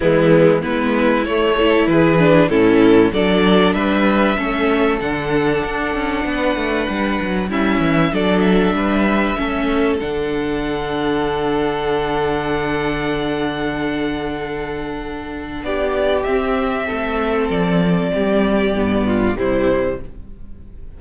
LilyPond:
<<
  \new Staff \with { instrumentName = "violin" } { \time 4/4 \tempo 4 = 96 e'4 b'4 cis''4 b'4 | a'4 d''4 e''2 | fis''1 | e''4 d''8 e''2~ e''8 |
fis''1~ | fis''1~ | fis''4 d''4 e''2 | d''2. c''4 | }
  \new Staff \with { instrumentName = "violin" } { \time 4/4 b4 e'4. a'8 gis'4 | e'4 a'4 b'4 a'4~ | a'2 b'2 | e'4 a'4 b'4 a'4~ |
a'1~ | a'1~ | a'4 g'2 a'4~ | a'4 g'4. f'8 e'4 | }
  \new Staff \with { instrumentName = "viola" } { \time 4/4 gis4 b4 a8 e'4 d'8 | cis'4 d'2 cis'4 | d'1 | cis'4 d'2 cis'4 |
d'1~ | d'1~ | d'2 c'2~ | c'2 b4 g4 | }
  \new Staff \with { instrumentName = "cello" } { \time 4/4 e4 gis4 a4 e4 | a,4 fis4 g4 a4 | d4 d'8 cis'8 b8 a8 g8 fis8 | g8 e8 fis4 g4 a4 |
d1~ | d1~ | d4 b4 c'4 a4 | f4 g4 g,4 c4 | }
>>